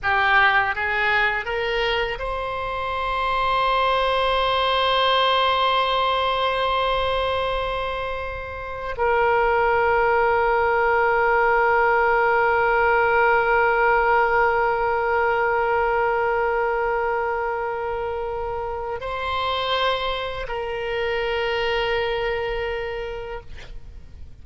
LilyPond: \new Staff \with { instrumentName = "oboe" } { \time 4/4 \tempo 4 = 82 g'4 gis'4 ais'4 c''4~ | c''1~ | c''1~ | c''16 ais'2.~ ais'8.~ |
ais'1~ | ais'1~ | ais'2 c''2 | ais'1 | }